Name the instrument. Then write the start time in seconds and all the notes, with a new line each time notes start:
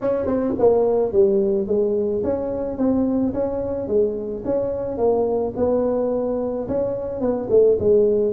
tuba
0.01 C#4
0.26 C4
0.58 A#3
1.12 G3
1.67 G#3
2.23 C#4
2.77 C4
3.33 C#4
3.87 G#3
4.44 C#4
4.97 A#3
5.56 B3
6.68 C#4
7.20 B3
7.50 A3
7.79 G#3